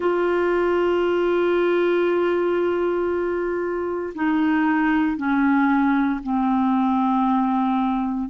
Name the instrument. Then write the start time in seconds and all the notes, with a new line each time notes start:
clarinet
0.00 F4
4.14 D#4
5.17 C#4
6.23 C4